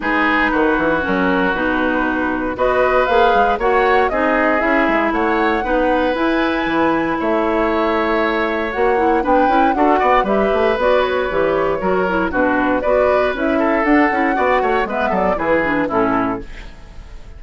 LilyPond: <<
  \new Staff \with { instrumentName = "flute" } { \time 4/4 \tempo 4 = 117 b'2 ais'4 b'4~ | b'4 dis''4 f''4 fis''4 | dis''4 e''4 fis''2 | gis''2 e''2~ |
e''4 fis''4 g''4 fis''4 | e''4 d''8 cis''2~ cis''8 | b'4 d''4 e''4 fis''4~ | fis''4 e''8 d''8 b'4 a'4 | }
  \new Staff \with { instrumentName = "oboe" } { \time 4/4 gis'4 fis'2.~ | fis'4 b'2 cis''4 | gis'2 cis''4 b'4~ | b'2 cis''2~ |
cis''2 b'4 a'8 d''8 | b'2. ais'4 | fis'4 b'4. a'4. | d''8 cis''8 b'8 a'8 gis'4 e'4 | }
  \new Staff \with { instrumentName = "clarinet" } { \time 4/4 dis'2 cis'4 dis'4~ | dis'4 fis'4 gis'4 fis'4 | dis'4 e'2 dis'4 | e'1~ |
e'4 fis'8 e'8 d'8 e'8 fis'4 | g'4 fis'4 g'4 fis'8 e'8 | d'4 fis'4 e'4 d'8 e'8 | fis'4 b4 e'8 d'8 cis'4 | }
  \new Staff \with { instrumentName = "bassoon" } { \time 4/4 gis4 dis8 e8 fis4 b,4~ | b,4 b4 ais8 gis8 ais4 | c'4 cis'8 gis8 a4 b4 | e'4 e4 a2~ |
a4 ais4 b8 cis'8 d'8 b8 | g8 a8 b4 e4 fis4 | b,4 b4 cis'4 d'8 cis'8 | b8 a8 gis8 fis8 e4 a,4 | }
>>